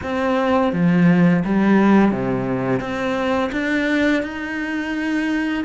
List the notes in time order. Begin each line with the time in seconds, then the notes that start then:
0.03 C4
0.73 F3
1.44 G3
2.11 C3
2.79 C4
3.52 D4
4.23 D#4